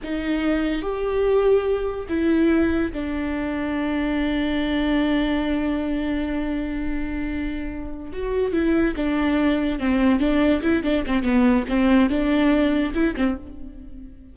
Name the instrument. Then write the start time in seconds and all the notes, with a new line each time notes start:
viola
0.03 D#4
0.81 G4
2.08 E4
2.92 D4
8.12 F#4
8.52 E4
8.96 D4
9.79 C4
10.19 D4
10.62 E4
10.83 D4
11.06 C4
11.22 B3
11.68 C4
12.09 D4
12.94 E4
13.16 C4